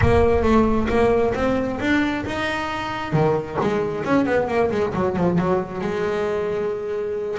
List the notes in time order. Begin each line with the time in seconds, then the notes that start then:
0.01 A#3
0.43 A3
0.89 A#3
1.34 C4
1.80 D4
2.25 D#4
3.13 D#3
3.61 G#3
4.04 C#4
4.25 B3
4.48 A#3
4.71 G#3
4.94 F#3
5.16 F3
5.38 F#3
5.81 G#3